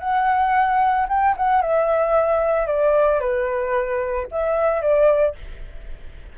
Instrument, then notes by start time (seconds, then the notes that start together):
flute
0.00 F#5
1.09 G5
1.37 F#5
1.62 E5
2.67 D5
3.20 B4
4.31 E5
4.82 D5